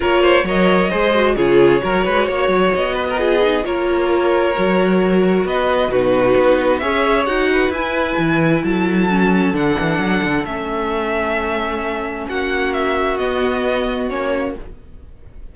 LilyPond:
<<
  \new Staff \with { instrumentName = "violin" } { \time 4/4 \tempo 4 = 132 cis''4 dis''2 cis''4~ | cis''2 dis''2 | cis''1 | dis''4 b'2 e''4 |
fis''4 gis''2 a''4~ | a''4 fis''2 e''4~ | e''2. fis''4 | e''4 dis''2 cis''4 | }
  \new Staff \with { instrumentName = "violin" } { \time 4/4 ais'8 c''8 cis''4 c''4 gis'4 | ais'8 b'8 cis''4. b'16 ais'16 gis'4 | ais'1 | b'4 fis'2 cis''4~ |
cis''8 b'2~ b'8 a'4~ | a'1~ | a'2. fis'4~ | fis'1 | }
  \new Staff \with { instrumentName = "viola" } { \time 4/4 f'4 ais'4 gis'8 fis'8 f'4 | fis'2. f'8 dis'8 | f'2 fis'2~ | fis'4 dis'2 gis'4 |
fis'4 e'2. | cis'4 d'2 cis'4~ | cis'1~ | cis'4 b2 cis'4 | }
  \new Staff \with { instrumentName = "cello" } { \time 4/4 ais4 fis4 gis4 cis4 | fis8 gis8 ais8 fis8 b2 | ais2 fis2 | b4 b,4 b4 cis'4 |
dis'4 e'4 e4 fis4~ | fis4 d8 e8 fis8 d8 a4~ | a2. ais4~ | ais4 b2 ais4 | }
>>